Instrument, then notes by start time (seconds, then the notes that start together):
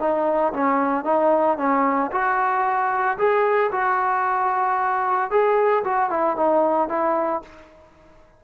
trombone
0.00 D#4
0.53 C#4
1.05 D#4
1.58 C#4
2.12 F#4
3.18 G#4
3.72 F#4
5.31 G#4
5.85 F#4
6.10 E4
6.37 D#4
6.89 E4